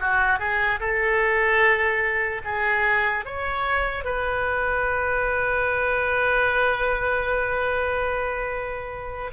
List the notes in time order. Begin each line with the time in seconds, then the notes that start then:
0.00 F#4
0.39 G#4
0.80 A4
2.44 G#4
3.25 C#5
4.04 B4